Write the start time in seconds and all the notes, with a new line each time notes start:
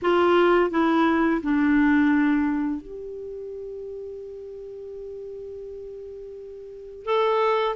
0.02 F4
0.70 E4
1.42 D4
2.81 G4
7.05 A4